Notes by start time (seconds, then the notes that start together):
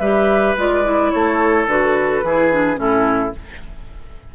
0.00 G3 G4 B4 E5
0.57 G#3 F4 D5
0.84 E4
1.11 A3 A4 C#5
1.67 D3 F#4 B4
2.23 E3 E4 G#4
2.52 D4
2.75 A2 C#4 E4 A4